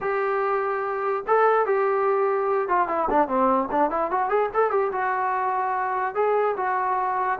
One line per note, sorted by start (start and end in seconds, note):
0.00 1.24 G4
1.27 1.66 A4
1.66 2.68 G4
2.68 2.87 F4
2.87 3.08 E4
3.09 3.27 D4
3.27 3.69 C4
3.71 3.90 D4
3.90 4.10 E4
4.10 4.29 F#4
4.29 4.49 G#4
4.54 4.70 A4
4.70 4.91 G4
4.92 6.14 F#4
6.14 6.55 G#4
6.57 7.39 F#4